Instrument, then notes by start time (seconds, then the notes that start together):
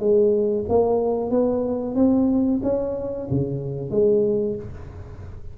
tuba
0.00 G#3
0.69 A#3
1.31 B3
1.96 C4
2.63 C#4
3.31 C#3
3.91 G#3